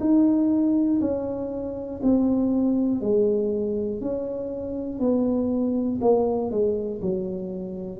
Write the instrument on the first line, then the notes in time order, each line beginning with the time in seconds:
tuba
0.00 D#4
1.00 C#4
2.03 C4
3.00 G#3
4.00 C#4
4.99 B3
6.01 A#3
6.50 G#3
7.01 F#3